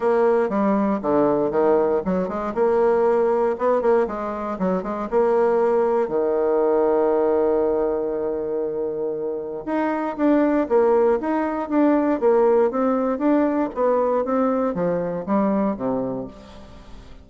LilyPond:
\new Staff \with { instrumentName = "bassoon" } { \time 4/4 \tempo 4 = 118 ais4 g4 d4 dis4 | fis8 gis8 ais2 b8 ais8 | gis4 fis8 gis8 ais2 | dis1~ |
dis2. dis'4 | d'4 ais4 dis'4 d'4 | ais4 c'4 d'4 b4 | c'4 f4 g4 c4 | }